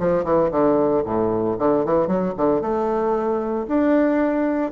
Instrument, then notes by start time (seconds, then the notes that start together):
bassoon
0.00 F3
0.24 E3
0.51 D3
1.05 A2
1.59 D3
1.85 E3
2.07 F#3
2.37 D3
2.62 A3
3.68 D4